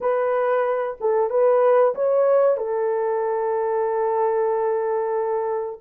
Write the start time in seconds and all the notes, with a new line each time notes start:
0.00 B4
1.00 A4
1.30 B4
1.94 C#5
2.57 A4